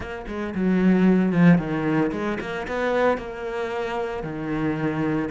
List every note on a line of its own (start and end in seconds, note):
0.00 0.25 A#3
0.27 0.54 G#3
0.54 1.32 F#3
1.32 1.58 F3
1.58 2.11 D#3
2.11 2.38 G#3
2.40 2.66 A#3
2.67 3.17 B3
3.17 4.23 A#3
4.23 5.29 D#3